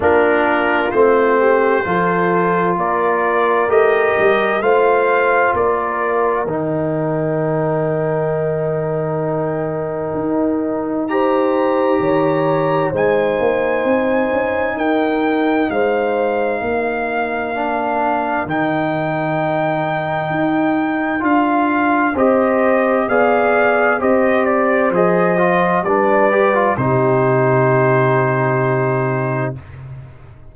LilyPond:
<<
  \new Staff \with { instrumentName = "trumpet" } { \time 4/4 \tempo 4 = 65 ais'4 c''2 d''4 | dis''4 f''4 d''4 g''4~ | g''1 | ais''2 gis''2 |
g''4 f''2. | g''2. f''4 | dis''4 f''4 dis''8 d''8 dis''4 | d''4 c''2. | }
  \new Staff \with { instrumentName = "horn" } { \time 4/4 f'4. g'8 a'4 ais'4~ | ais'4 c''4 ais'2~ | ais'1 | c''4 cis''4 c''2 |
ais'4 c''4 ais'2~ | ais'1 | c''4 d''4 c''2 | b'4 g'2. | }
  \new Staff \with { instrumentName = "trombone" } { \time 4/4 d'4 c'4 f'2 | g'4 f'2 dis'4~ | dis'1 | g'2 dis'2~ |
dis'2. d'4 | dis'2. f'4 | g'4 gis'4 g'4 gis'8 f'8 | d'8 g'16 f'16 dis'2. | }
  \new Staff \with { instrumentName = "tuba" } { \time 4/4 ais4 a4 f4 ais4 | a8 g8 a4 ais4 dis4~ | dis2. dis'4~ | dis'4 dis4 gis8 ais8 c'8 cis'8 |
dis'4 gis4 ais2 | dis2 dis'4 d'4 | c'4 b4 c'4 f4 | g4 c2. | }
>>